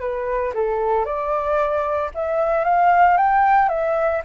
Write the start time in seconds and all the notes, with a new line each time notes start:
0.00 B4
0.54 A4
1.05 D5
2.14 E5
2.64 F5
3.17 G5
3.69 E5